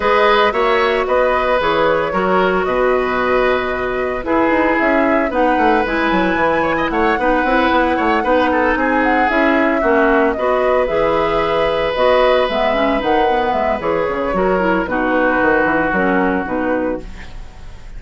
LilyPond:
<<
  \new Staff \with { instrumentName = "flute" } { \time 4/4 \tempo 4 = 113 dis''4 e''4 dis''4 cis''4~ | cis''4 dis''2. | b'4 e''4 fis''4 gis''4~ | gis''4 fis''2.~ |
fis''8 gis''8 fis''8 e''2 dis''8~ | dis''8 e''2 dis''4 e''8~ | e''8 fis''4 e''8 cis''2 | b'2 ais'4 b'4 | }
  \new Staff \with { instrumentName = "oboe" } { \time 4/4 b'4 cis''4 b'2 | ais'4 b'2. | gis'2 b'2~ | b'8 cis''16 dis''16 cis''8 b'4. cis''8 b'8 |
a'8 gis'2 fis'4 b'8~ | b'1~ | b'2. ais'4 | fis'1 | }
  \new Staff \with { instrumentName = "clarinet" } { \time 4/4 gis'4 fis'2 gis'4 | fis'1 | e'2 dis'4 e'4~ | e'4. dis'8 e'4. dis'8~ |
dis'4. e'4 cis'4 fis'8~ | fis'8 gis'2 fis'4 b8 | cis'8 dis'8 b4 gis'4 fis'8 e'8 | dis'2 cis'4 dis'4 | }
  \new Staff \with { instrumentName = "bassoon" } { \time 4/4 gis4 ais4 b4 e4 | fis4 b,2. | e'8 dis'8 cis'4 b8 a8 gis8 fis8 | e4 a8 b8 c'8 b8 a8 b8~ |
b8 c'4 cis'4 ais4 b8~ | b8 e2 b4 gis8~ | gis8 dis4 gis8 e8 cis8 fis4 | b,4 dis8 e8 fis4 b,4 | }
>>